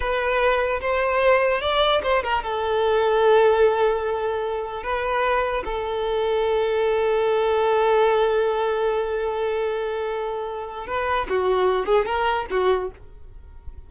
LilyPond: \new Staff \with { instrumentName = "violin" } { \time 4/4 \tempo 4 = 149 b'2 c''2 | d''4 c''8 ais'8 a'2~ | a'1 | b'2 a'2~ |
a'1~ | a'1~ | a'2. b'4 | fis'4. gis'8 ais'4 fis'4 | }